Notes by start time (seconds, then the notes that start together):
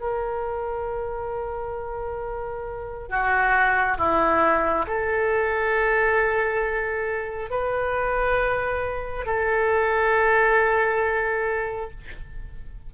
0.00 A#4
3.09 F#4
3.97 E4
4.87 A4
7.50 B4
9.26 A4